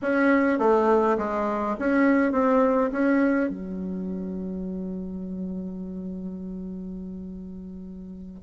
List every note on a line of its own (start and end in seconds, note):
0.02 0.58 C#4
0.58 1.17 A3
1.18 1.76 G#3
1.79 2.32 C#4
2.32 2.90 C4
2.92 3.49 C#4
3.49 8.43 F#3